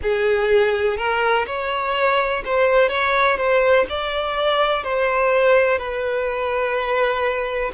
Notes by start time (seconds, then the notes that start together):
0.02 G#4
0.97 A#4
1.46 C#5
2.45 C5
2.88 C#5
3.37 C5
3.89 D5
4.83 C5
5.78 B4